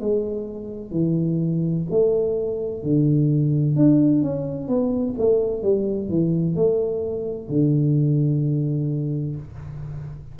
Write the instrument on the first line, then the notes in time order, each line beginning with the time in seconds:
tuba
0.00 G#3
0.91 E3
1.90 A3
2.83 D3
3.76 D4
4.22 C#4
4.68 B3
5.18 A3
5.62 G3
6.09 E3
6.56 A3
7.49 D3